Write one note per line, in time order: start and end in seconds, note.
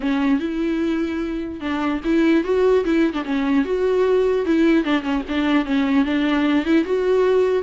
0.00 0.39 C#4
0.39 1.60 E4
1.60 2.00 D4
2.04 2.44 E4
2.44 2.84 F#4
2.84 3.13 E4
3.13 3.23 D4
3.24 3.65 C#4
3.65 4.45 F#4
4.45 4.84 E4
4.84 5.02 D4
5.02 5.22 C#4
5.28 5.65 D4
5.65 6.04 C#4
6.04 6.65 D4
6.65 6.84 E4
6.84 7.62 F#4